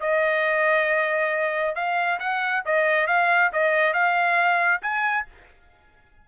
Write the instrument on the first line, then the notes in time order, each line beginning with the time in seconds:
trumpet
0.00 D#5
1.75 F5
2.19 F#5
2.65 D#5
3.07 F5
3.52 D#5
3.93 F5
4.82 G#5